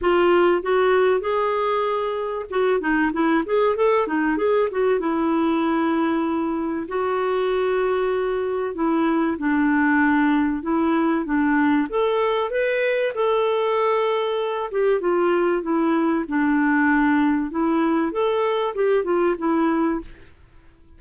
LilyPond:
\new Staff \with { instrumentName = "clarinet" } { \time 4/4 \tempo 4 = 96 f'4 fis'4 gis'2 | fis'8 dis'8 e'8 gis'8 a'8 dis'8 gis'8 fis'8 | e'2. fis'4~ | fis'2 e'4 d'4~ |
d'4 e'4 d'4 a'4 | b'4 a'2~ a'8 g'8 | f'4 e'4 d'2 | e'4 a'4 g'8 f'8 e'4 | }